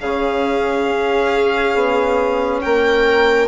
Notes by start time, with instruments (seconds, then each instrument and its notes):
0.00 bassoon C#3, trombone C#4, violin G#4 F5
0.88 bassoon C#4
1.74 bassoon B3
2.61 bassoon A#3, violin A#4 G5